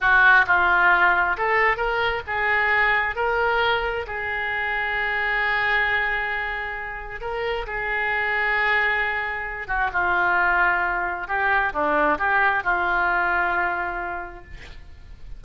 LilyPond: \new Staff \with { instrumentName = "oboe" } { \time 4/4 \tempo 4 = 133 fis'4 f'2 a'4 | ais'4 gis'2 ais'4~ | ais'4 gis'2.~ | gis'1 |
ais'4 gis'2.~ | gis'4. fis'8 f'2~ | f'4 g'4 d'4 g'4 | f'1 | }